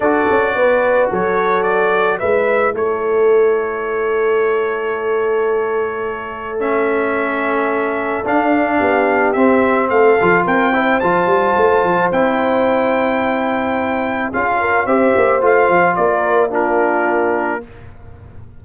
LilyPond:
<<
  \new Staff \with { instrumentName = "trumpet" } { \time 4/4 \tempo 4 = 109 d''2 cis''4 d''4 | e''4 cis''2.~ | cis''1 | e''2. f''4~ |
f''4 e''4 f''4 g''4 | a''2 g''2~ | g''2 f''4 e''4 | f''4 d''4 ais'2 | }
  \new Staff \with { instrumentName = "horn" } { \time 4/4 a'4 b'4 a'2 | b'4 a'2.~ | a'1~ | a'1 |
g'2 a'4 ais'8 c''8~ | c''1~ | c''2 gis'8 ais'8 c''4~ | c''4 ais'4 f'2 | }
  \new Staff \with { instrumentName = "trombone" } { \time 4/4 fis'1 | e'1~ | e'1 | cis'2. d'4~ |
d'4 c'4. f'4 e'8 | f'2 e'2~ | e'2 f'4 g'4 | f'2 d'2 | }
  \new Staff \with { instrumentName = "tuba" } { \time 4/4 d'8 cis'8 b4 fis2 | gis4 a2.~ | a1~ | a2. d'4 |
b4 c'4 a8 f8 c'4 | f8 g8 a8 f8 c'2~ | c'2 cis'4 c'8 ais8 | a8 f8 ais2. | }
>>